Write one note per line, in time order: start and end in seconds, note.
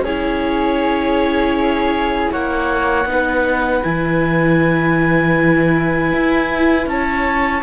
0.00 2.28 C#4
0.00 2.31 G#4
0.00 2.31 C#5
0.06 3.07 E4
2.31 3.05 A#3
2.31 3.07 C#5
2.31 3.83 F#5
3.05 3.81 B3
3.05 3.83 D#4
3.12 6.91 B4
3.83 6.12 E3
3.83 7.63 E4
3.83 6.87 G#5
6.12 6.86 E4
6.86 7.62 C#4
6.86 7.63 C#5
6.86 7.63 A5